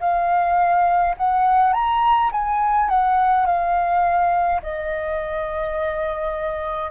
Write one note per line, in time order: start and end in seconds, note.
0.00 1.15 F5
1.17 1.73 F#5
1.73 2.31 A#5
2.32 2.89 G#5
2.89 3.46 F#5
3.46 4.61 F5
4.62 6.91 D#5